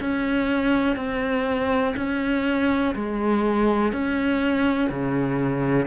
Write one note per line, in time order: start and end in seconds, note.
0.00 0.96 C#4
0.96 1.94 C4
1.96 2.95 C#4
2.95 3.93 G#3
3.93 4.90 C#4
4.90 5.87 C#3